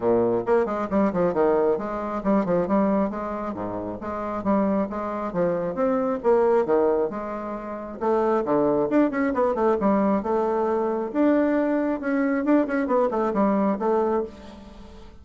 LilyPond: \new Staff \with { instrumentName = "bassoon" } { \time 4/4 \tempo 4 = 135 ais,4 ais8 gis8 g8 f8 dis4 | gis4 g8 f8 g4 gis4 | gis,4 gis4 g4 gis4 | f4 c'4 ais4 dis4 |
gis2 a4 d4 | d'8 cis'8 b8 a8 g4 a4~ | a4 d'2 cis'4 | d'8 cis'8 b8 a8 g4 a4 | }